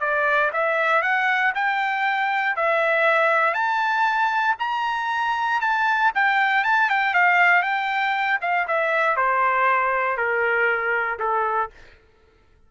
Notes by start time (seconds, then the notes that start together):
0.00 D5
0.52 E5
1.02 F#5
1.55 G5
2.56 E5
3.54 A5
4.59 A#5
5.61 A5
6.15 G5
6.64 A5
6.89 G5
7.14 F5
7.62 G5
8.41 F5
8.67 E5
9.16 C5
10.17 A#4
11.19 A4